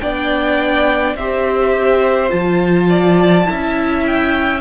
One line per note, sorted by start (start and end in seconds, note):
0.00 1.14 B3
0.00 1.17 D4
0.00 1.17 D5
0.00 1.15 G5
1.14 2.30 C4
1.14 2.29 G4
1.14 2.89 C5
1.14 2.31 E5
2.29 3.47 F3
2.29 3.44 F4
2.29 4.04 A5
2.89 3.47 D5
3.44 4.60 E4
3.44 4.61 E5
3.51 4.61 C#4
4.06 4.61 G5